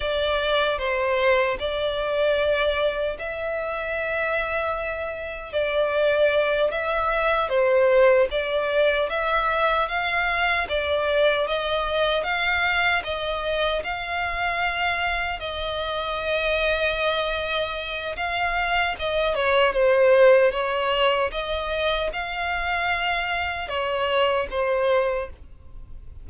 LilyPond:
\new Staff \with { instrumentName = "violin" } { \time 4/4 \tempo 4 = 76 d''4 c''4 d''2 | e''2. d''4~ | d''8 e''4 c''4 d''4 e''8~ | e''8 f''4 d''4 dis''4 f''8~ |
f''8 dis''4 f''2 dis''8~ | dis''2. f''4 | dis''8 cis''8 c''4 cis''4 dis''4 | f''2 cis''4 c''4 | }